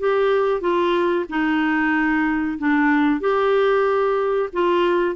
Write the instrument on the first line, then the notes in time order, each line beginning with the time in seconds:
clarinet
0.00 G4
0.61 F4
1.30 D#4
2.59 D4
3.21 G4
4.53 F4